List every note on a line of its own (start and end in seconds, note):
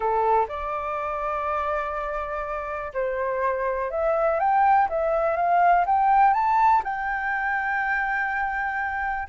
0.00 0.46 A4
0.48 2.92 D5
2.93 3.90 C5
3.90 4.39 E5
4.39 4.88 G5
4.89 5.36 E5
5.36 5.85 F5
5.85 6.33 G5
6.33 6.82 A5
6.84 9.27 G5